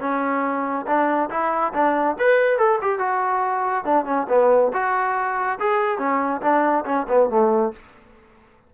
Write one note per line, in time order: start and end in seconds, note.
0.00 0.86 C#4
0.86 1.29 D4
1.30 1.73 E4
1.73 2.16 D4
2.19 2.58 B4
2.58 2.79 A4
2.81 2.99 G4
2.99 3.85 F#4
3.85 4.05 D4
4.05 4.26 C#4
4.29 4.72 B3
4.73 5.59 F#4
5.59 5.98 G#4
5.98 6.41 C#4
6.41 6.84 D4
6.85 7.07 C#4
7.08 7.29 B3
7.29 7.72 A3